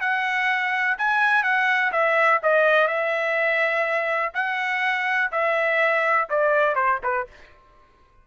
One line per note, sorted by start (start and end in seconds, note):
0.00 0.97 F#5
0.98 1.43 G#5
1.43 1.91 F#5
1.92 2.40 E5
2.42 2.87 D#5
2.87 4.33 E5
4.34 5.30 F#5
5.31 6.28 E5
6.29 6.75 D5
6.75 6.99 C5
7.03 7.27 B4